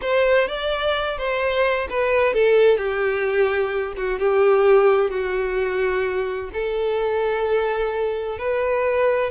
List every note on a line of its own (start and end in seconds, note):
0.01 0.48 C5
0.48 1.17 D5
1.18 1.88 C5
1.89 2.33 B4
2.33 2.77 A4
2.77 3.93 G4
3.96 4.19 F#4
4.19 5.10 G4
5.10 6.50 F#4
6.53 8.38 A4
8.38 9.30 B4